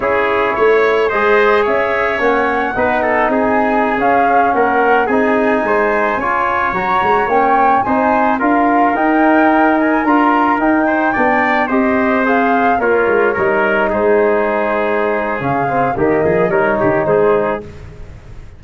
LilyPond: <<
  \new Staff \with { instrumentName = "flute" } { \time 4/4 \tempo 4 = 109 cis''2 dis''4 e''4 | fis''2 gis''4~ gis''16 f''8.~ | f''16 fis''4 gis''2~ gis''8.~ | gis''16 ais''4 g''4 gis''4 f''8.~ |
f''16 g''4. gis''8 ais''4 g''8.~ | g''4~ g''16 dis''4 f''4 cis''8.~ | cis''4~ cis''16 c''2~ c''8. | f''4 dis''4 cis''4 c''4 | }
  \new Staff \with { instrumentName = "trumpet" } { \time 4/4 gis'4 cis''4 c''4 cis''4~ | cis''4 b'8 a'8 gis'2~ | gis'16 ais'4 gis'4 c''4 cis''8.~ | cis''2~ cis''16 c''4 ais'8.~ |
ais'2.~ ais'8. c''16~ | c''16 d''4 c''2 f'8.~ | f'16 ais'4 gis'2~ gis'8.~ | gis'4 g'8 gis'8 ais'8 g'8 gis'4 | }
  \new Staff \with { instrumentName = "trombone" } { \time 4/4 e'2 gis'2 | cis'4 dis'2~ dis'16 cis'8.~ | cis'4~ cis'16 dis'2 f'8.~ | f'16 fis'4 cis'4 dis'4 f'8.~ |
f'16 dis'2 f'4 dis'8.~ | dis'16 d'4 g'4 gis'4 ais'8.~ | ais'16 dis'2.~ dis'8. | cis'8 c'8 ais4 dis'2 | }
  \new Staff \with { instrumentName = "tuba" } { \time 4/4 cis'4 a4 gis4 cis'4 | ais4 b4 c'4~ c'16 cis'8.~ | cis'16 ais4 c'4 gis4 cis'8.~ | cis'16 fis8 gis8 ais4 c'4 d'8.~ |
d'16 dis'2 d'4 dis'8.~ | dis'16 b4 c'2 ais8 gis16~ | gis16 g4 gis2~ gis8. | cis4 dis8 f8 g8 dis8 gis4 | }
>>